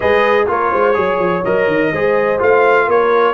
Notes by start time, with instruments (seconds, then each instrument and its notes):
0.00 tuba G#3, trombone G#4, horn B4, trumpet D#5
0.46 tuba A#3, trombone F4, horn A#4, trumpet C#5
0.71 tuba G#3, horn C5
0.94 tuba F#3, trombone G#4, horn C#5
1.19 tuba F3
1.44 tuba F#3, trombone A#4, trumpet D#5
1.67 tuba D#3
1.92 tuba G#3, trombone G#4, horn C5
2.38 tuba A3, trombone F4, trumpet F5
2.86 tuba A#3, horn A#4, trumpet C#5